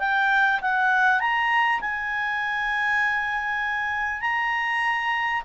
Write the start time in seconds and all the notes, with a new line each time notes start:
0.00 G5
0.62 F#5
1.20 A#5
1.81 G#5
4.21 A#5